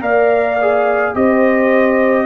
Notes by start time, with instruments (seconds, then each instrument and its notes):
0.00 tuba A#3, trombone A#4, horn D5, trumpet F5
0.62 trombone G#4
1.14 tuba C4, trombone G4, horn C5, trumpet D#5